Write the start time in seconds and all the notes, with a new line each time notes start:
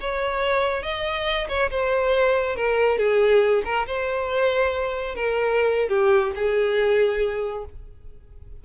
0.00 C#5
0.83 D#5
1.48 C#5
1.70 C5
2.56 A#4
2.98 G#4
3.65 A#4
3.87 C5
5.15 A#4
5.89 G4
6.35 G#4